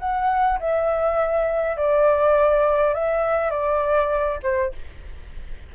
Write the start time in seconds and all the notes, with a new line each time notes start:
0.00 F#5
0.60 E5
1.77 D5
2.94 E5
3.50 D5
4.43 C5